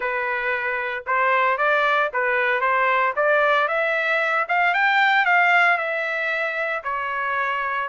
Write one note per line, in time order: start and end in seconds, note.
0.00 1.04 B4
1.06 1.57 C5
1.57 2.10 D5
2.13 2.61 B4
2.61 3.13 C5
3.16 3.67 D5
3.67 4.46 E5
4.48 4.74 F5
4.74 5.25 G5
5.25 5.77 F5
5.77 6.83 E5
6.83 7.88 C#5